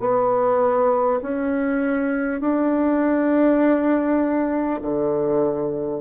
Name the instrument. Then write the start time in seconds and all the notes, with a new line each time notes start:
bassoon
0.00 B3
1.23 C#4
2.41 D4
4.82 D3